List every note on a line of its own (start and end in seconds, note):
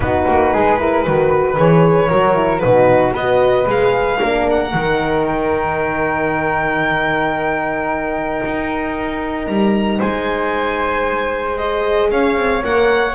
0.00 0.24 B3
0.00 0.78 D#4
0.00 0.53 F#4
0.00 1.57 B4
0.27 0.54 A#3
0.53 1.06 G#3
0.53 0.79 G#4
0.78 1.05 E4
0.78 1.04 A#4
1.04 1.57 D#3
1.04 1.56 F#4
1.04 2.09 B4
1.56 2.10 E3
1.56 2.09 G#4
1.56 2.59 C#5
2.09 2.63 F#3
2.09 2.34 F#4
2.09 2.61 A#4
2.34 2.60 E4
2.59 3.13 B2
2.59 3.16 D#4
2.59 3.11 B4
2.66 3.13 F#4
3.13 3.66 B3
3.13 4.18 B4
3.13 3.67 D#5
3.19 3.66 F#4
3.66 4.19 G#3
3.66 4.19 G#4
3.66 4.49 F5
4.19 4.73 A#3
4.19 4.72 D4
4.19 9.98 A#4
4.49 5.26 F#5
4.72 8.42 D#3
4.72 11.56 D#4
5.26 9.46 G5
8.44 9.47 D#4
9.46 9.99 G3
9.46 9.99 A#5
9.98 12.10 G#3
9.98 12.08 C5
9.98 11.57 G#5
11.56 12.62 G#4
11.56 12.10 D#5
12.10 12.36 C#4
12.10 13.14 C#5
12.10 12.63 F5
12.36 12.62 C4
12.64 13.14 A#3
12.64 13.14 A#4
12.64 13.14 F#5